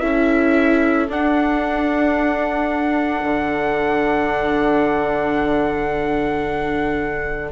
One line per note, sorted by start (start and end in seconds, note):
0.00 1.08 C#4
0.00 1.08 E4
0.00 7.51 A4
0.00 1.07 E5
1.08 3.23 D4
1.08 7.52 D4
1.08 7.52 F#5
3.23 7.52 D3